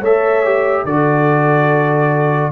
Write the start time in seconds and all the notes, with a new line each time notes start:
0.00 A3 A4 C#5 E5
0.45 G4
0.84 D3 F#4 A4 D5